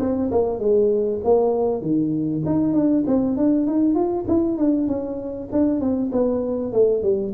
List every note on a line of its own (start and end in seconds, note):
0.00 0.31 C4
0.32 0.60 A#3
0.60 1.21 G#3
1.24 1.82 A#3
1.82 2.43 D#3
2.46 2.74 D#4
2.74 3.05 D4
3.07 3.37 C4
3.37 3.67 D4
3.67 3.95 D#4
3.95 4.26 F4
4.29 4.58 E4
4.58 4.88 D4
4.88 5.49 C#4
5.53 5.81 D4
5.81 6.11 C4
6.13 6.73 B3
6.73 7.03 A3
7.03 7.34 G3